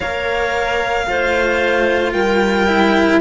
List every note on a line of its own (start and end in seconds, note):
0.00 1.08 A#3
0.00 1.06 A#4
0.00 1.07 C#5
0.00 2.12 F5
1.06 2.13 A3
1.06 2.67 F4
1.06 2.13 C5
2.12 3.20 G3
2.12 3.20 A#4
2.12 3.19 G5
2.67 3.20 E4